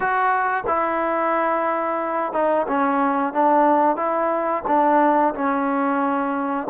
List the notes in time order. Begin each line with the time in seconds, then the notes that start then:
0.00 F#4
0.66 E4
2.32 D#4
2.67 C#4
3.33 D4
3.96 E4
4.67 D4
5.34 C#4